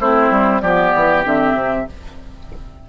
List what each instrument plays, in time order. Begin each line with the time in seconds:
0.00 bassoon A3, clarinet C4, oboe E4, flute C5
0.30 bassoon G3
0.61 bassoon F3, clarinet B3, oboe G4, flute D5
0.94 bassoon E3
1.24 bassoon D3, clarinet C4, flute E5
1.53 bassoon C3